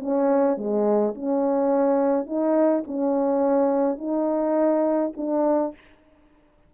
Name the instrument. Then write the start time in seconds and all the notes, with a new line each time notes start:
horn
0.00 C#4
0.57 G#3
1.15 C#4
2.26 D#4
2.87 C#4
3.98 D#4
5.17 D4